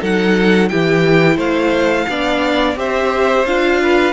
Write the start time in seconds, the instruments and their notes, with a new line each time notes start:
0.00 cello F#3, viola D#4, violin A4 F#5
0.68 cello E3, viola E4, violin G4 G5
1.36 cello A3, violin C5 F5
2.09 cello B3, viola D4, violin D5
2.75 cello C4, viola G4, violin C5 E5
3.45 cello D4, viola F4, violin F5
3.81 violin B4